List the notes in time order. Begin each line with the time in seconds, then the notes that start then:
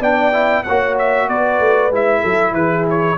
0.00 B3 D4 D5 G5
0.32 E4
0.64 A#3 F#4 C#5 F#5
0.98 E5
1.28 B3 B4 D5
1.59 A3
1.90 G#3 E4 E5
2.21 F#3 A4
2.52 E3 G#4 B4
2.90 C#5